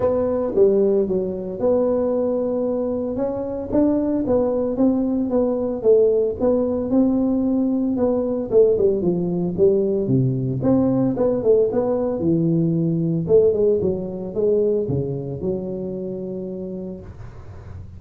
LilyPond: \new Staff \with { instrumentName = "tuba" } { \time 4/4 \tempo 4 = 113 b4 g4 fis4 b4~ | b2 cis'4 d'4 | b4 c'4 b4 a4 | b4 c'2 b4 |
a8 g8 f4 g4 c4 | c'4 b8 a8 b4 e4~ | e4 a8 gis8 fis4 gis4 | cis4 fis2. | }